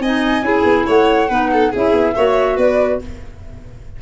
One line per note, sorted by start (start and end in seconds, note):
0.00 0.42 C4
0.00 0.42 D#4
0.00 0.45 D#5
0.00 0.87 G#5
0.42 0.63 C#4
0.42 1.28 E4
0.42 0.87 G#4
0.64 0.85 B3
0.87 1.30 A3
0.87 1.29 C#5
0.87 1.75 F#5
1.29 1.73 B3
1.29 1.73 D#4
1.29 1.51 B4
1.53 1.72 A4
1.72 1.93 C#4
1.72 2.16 E4
1.72 2.15 G#4
1.72 2.59 E5
1.93 2.14 B3
2.15 2.57 A#3
2.15 3.02 F#4
2.15 2.57 C#5
2.57 3.00 B3
2.57 3.00 B4
2.57 3.02 D5